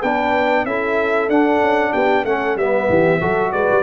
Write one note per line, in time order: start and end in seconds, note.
0.00 0.65 B3
0.00 0.67 D4
0.00 0.64 B4
0.00 0.66 G5
0.65 1.29 C#4
0.65 1.31 E4
0.65 1.93 A4
0.65 1.30 E5
1.29 1.61 D4
1.29 2.27 D4
1.29 1.93 F#5
1.61 1.93 C#4
1.93 2.25 B3
1.93 2.24 G4
1.93 2.25 G5
2.25 2.56 A3
2.25 2.58 C#4
2.25 2.59 A4
2.25 2.57 F#5
2.56 2.88 G3
2.56 3.21 B3
2.56 2.90 B4
2.56 3.52 E5
2.90 3.22 E3
2.90 3.20 G4
3.20 3.53 F#3
3.20 3.83 F#4
3.20 3.52 A4
3.52 3.69 G#3
3.52 3.83 B4
3.52 3.83 D5
3.71 3.83 G3